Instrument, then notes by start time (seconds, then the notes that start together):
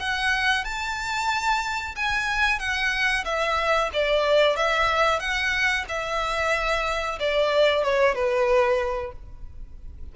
violin
0.00 F#5
0.65 A5
1.96 G#5
2.59 F#5
3.25 E5
3.94 D5
4.57 E5
5.20 F#5
5.88 E5
7.20 D5
7.84 C#5
8.15 B4